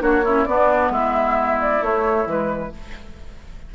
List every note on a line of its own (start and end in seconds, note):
0.00 0.46 A#3
0.00 0.23 D4
0.00 0.25 F#4
0.00 0.45 C#5
0.25 0.47 C#4
0.25 0.47 E4
0.45 0.90 B3
0.45 1.82 B3
0.45 0.92 D4
0.45 0.90 D5
0.90 1.80 G#3
0.90 2.73 E4
0.90 1.60 E5
1.61 1.84 D5
1.82 2.26 A3
1.82 2.29 C#5
2.26 2.71 E3
2.26 2.71 G#3
2.26 2.75 B4